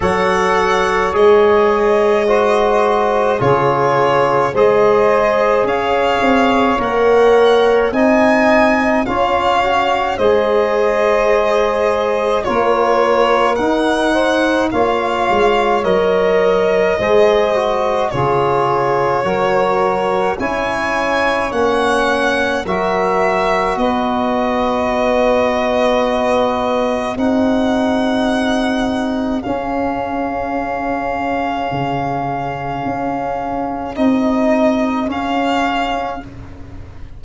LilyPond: <<
  \new Staff \with { instrumentName = "violin" } { \time 4/4 \tempo 4 = 53 fis''4 dis''2 cis''4 | dis''4 f''4 fis''4 gis''4 | f''4 dis''2 cis''4 | fis''4 f''4 dis''2 |
cis''2 gis''4 fis''4 | e''4 dis''2. | fis''2 f''2~ | f''2 dis''4 f''4 | }
  \new Staff \with { instrumentName = "saxophone" } { \time 4/4 cis''2 c''4 gis'4 | c''4 cis''2 dis''4 | cis''4 c''2 ais'4~ | ais'8 c''8 cis''2 c''4 |
gis'4 ais'4 cis''2 | ais'4 b'2. | gis'1~ | gis'1 | }
  \new Staff \with { instrumentName = "trombone" } { \time 4/4 a'4 gis'4 fis'4 f'4 | gis'2 ais'4 dis'4 | f'8 fis'8 gis'2 f'4 | dis'4 f'4 ais'4 gis'8 fis'8 |
f'4 fis'4 e'4 cis'4 | fis'1 | dis'2 cis'2~ | cis'2 dis'4 cis'4 | }
  \new Staff \with { instrumentName = "tuba" } { \time 4/4 fis4 gis2 cis4 | gis4 cis'8 c'8 ais4 c'4 | cis'4 gis2 ais4 | dis'4 ais8 gis8 fis4 gis4 |
cis4 fis4 cis'4 ais4 | fis4 b2. | c'2 cis'2 | cis4 cis'4 c'4 cis'4 | }
>>